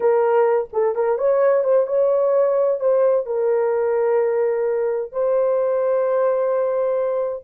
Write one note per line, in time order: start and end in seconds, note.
0.00 0.68 A#4
0.73 0.95 A4
0.95 1.18 A#4
1.18 1.64 C#5
1.64 1.86 C5
1.86 2.79 C#5
2.79 3.26 C5
3.26 5.11 A#4
5.11 7.43 C5